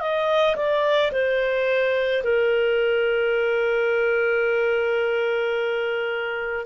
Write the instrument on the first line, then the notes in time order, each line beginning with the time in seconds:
clarinet
0.00 D#5
0.56 D5
1.12 C5
2.24 A#4